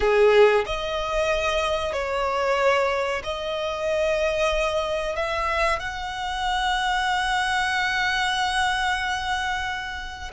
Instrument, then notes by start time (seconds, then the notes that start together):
violin
0.00 G#4
0.65 D#5
1.92 C#5
3.23 D#5
5.16 E5
5.79 F#5